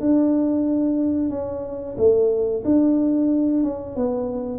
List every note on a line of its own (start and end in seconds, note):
0.00 1.29 D4
1.29 1.95 C#4
1.97 2.63 A3
2.64 3.63 D4
3.63 3.95 C#4
3.95 4.59 B3